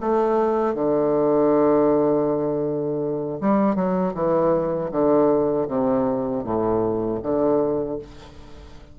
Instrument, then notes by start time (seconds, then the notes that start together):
bassoon
0.00 A3
0.74 D3
3.40 G3
3.75 F#3
4.14 E3
4.92 D3
5.68 C3
6.44 A2
7.23 D3